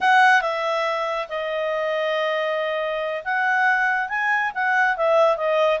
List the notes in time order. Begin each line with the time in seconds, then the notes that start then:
0.00 F#5
0.41 E5
1.28 D#5
3.24 F#5
4.08 G#5
4.54 F#5
4.96 E5
5.36 D#5